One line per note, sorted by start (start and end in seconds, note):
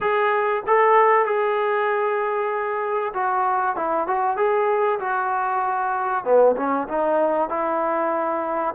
0.00 0.63 G#4
0.66 1.25 A4
1.25 3.12 G#4
3.13 3.76 F#4
3.76 4.07 E4
4.07 4.36 F#4
4.36 4.99 G#4
4.99 6.24 F#4
6.24 6.55 B3
6.56 6.87 C#4
6.88 7.49 D#4
7.49 8.74 E4